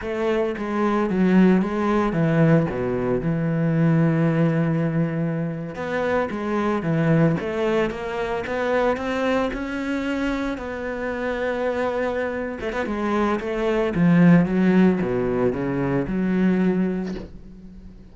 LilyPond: \new Staff \with { instrumentName = "cello" } { \time 4/4 \tempo 4 = 112 a4 gis4 fis4 gis4 | e4 b,4 e2~ | e2~ e8. b4 gis16~ | gis8. e4 a4 ais4 b16~ |
b8. c'4 cis'2 b16~ | b2.~ b8 a16 b16 | gis4 a4 f4 fis4 | b,4 cis4 fis2 | }